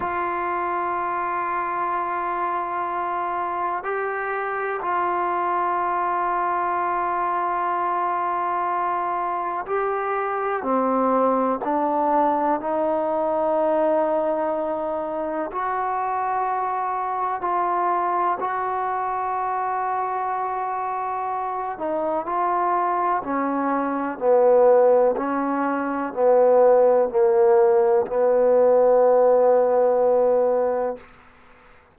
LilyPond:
\new Staff \with { instrumentName = "trombone" } { \time 4/4 \tempo 4 = 62 f'1 | g'4 f'2.~ | f'2 g'4 c'4 | d'4 dis'2. |
fis'2 f'4 fis'4~ | fis'2~ fis'8 dis'8 f'4 | cis'4 b4 cis'4 b4 | ais4 b2. | }